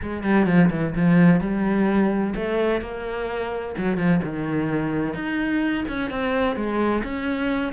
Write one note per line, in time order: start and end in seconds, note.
0.01 0.23 G#3
0.23 0.46 G3
0.46 0.69 F3
0.70 0.94 E3
0.95 1.40 F3
1.40 2.34 G3
2.35 2.81 A3
2.81 3.75 A#3
3.77 3.97 F#3
3.97 4.20 F3
4.23 5.14 D#3
5.14 5.84 D#4
5.88 6.10 C#4
6.10 6.56 C4
6.56 7.02 G#3
7.03 7.72 C#4